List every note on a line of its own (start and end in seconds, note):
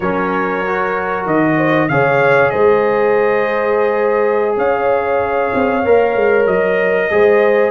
0.00 1.25 F#3
0.00 0.65 C#4
0.00 1.54 A#4
0.00 1.26 C#5
0.66 1.89 F#4
1.25 1.88 D#3
1.25 1.88 D#5
1.57 1.88 C5
1.88 2.52 C#3
1.88 5.84 G#4
1.88 2.52 C#5
1.88 2.50 F5
2.50 4.57 G#3
2.50 4.57 C5
2.50 4.55 D#5
4.57 5.51 C#4
4.57 7.10 C#5
4.57 6.46 F5
5.54 5.84 C4
5.84 6.15 A#3
5.84 7.10 A#4
6.15 6.46 G#3
6.46 7.09 F#3
6.46 7.70 D#5
7.10 7.70 G#3
7.10 7.70 G#4
7.10 7.70 C5